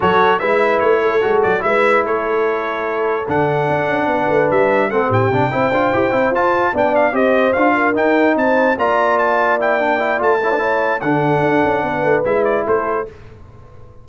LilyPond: <<
  \new Staff \with { instrumentName = "trumpet" } { \time 4/4 \tempo 4 = 147 cis''4 e''4 cis''4. d''8 | e''4 cis''2. | fis''2. e''4 | fis''8 g''2. a''8~ |
a''8 g''8 f''8 dis''4 f''4 g''8~ | g''8 a''4 ais''4 a''4 g''8~ | g''4 a''2 fis''4~ | fis''2 e''8 d''8 c''4 | }
  \new Staff \with { instrumentName = "horn" } { \time 4/4 a'4 b'4. a'4. | b'4 a'2.~ | a'2 b'2 | a'8 g'4 c''2~ c''8~ |
c''8 d''4 c''4. ais'4~ | ais'8 c''4 d''2~ d''8~ | d''4. cis''16 b'16 cis''4 a'4~ | a'4 b'2 a'4 | }
  \new Staff \with { instrumentName = "trombone" } { \time 4/4 fis'4 e'2 fis'4 | e'1 | d'1 | c'4 d'8 e'8 f'8 g'8 e'8 f'8~ |
f'8 d'4 g'4 f'4 dis'8~ | dis'4. f'2 e'8 | d'8 e'8 f'8 e'16 d'16 e'4 d'4~ | d'2 e'2 | }
  \new Staff \with { instrumentName = "tuba" } { \time 4/4 fis4 gis4 a4 gis8 fis8 | gis4 a2. | d4 d'8 cis'8 b8 a8 g4 | a8 a,8 c8 c'8 d'8 e'8 c'8 f'8~ |
f'8 b4 c'4 d'4 dis'8~ | dis'8 c'4 ais2~ ais8~ | ais4 a2 d4 | d'8 cis'8 b8 a8 gis4 a4 | }
>>